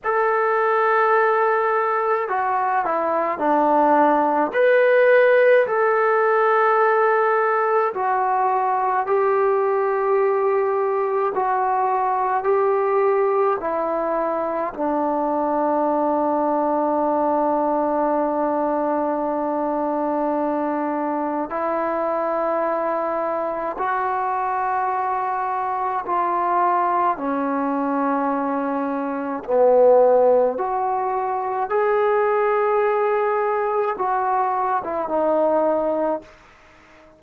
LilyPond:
\new Staff \with { instrumentName = "trombone" } { \time 4/4 \tempo 4 = 53 a'2 fis'8 e'8 d'4 | b'4 a'2 fis'4 | g'2 fis'4 g'4 | e'4 d'2.~ |
d'2. e'4~ | e'4 fis'2 f'4 | cis'2 b4 fis'4 | gis'2 fis'8. e'16 dis'4 | }